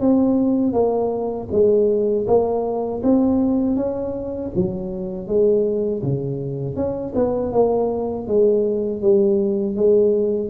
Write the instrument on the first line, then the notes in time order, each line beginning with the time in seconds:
tuba
0.00 C4
0.73 A#3
1.51 G#3
2.27 A#3
3.03 C4
3.76 C#4
4.55 F#3
5.27 G#3
6.02 C#3
6.75 C#4
7.15 B3
7.52 A#3
8.27 G#3
9.01 G3
9.75 G#3